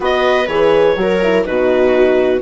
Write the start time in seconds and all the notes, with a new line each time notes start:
0.00 B3 F#4 B4 D#5
0.47 E3 G#4 C#5
0.96 F#3 F#4 A#4
1.23 E4
1.44 B2 D#4 F#4 B4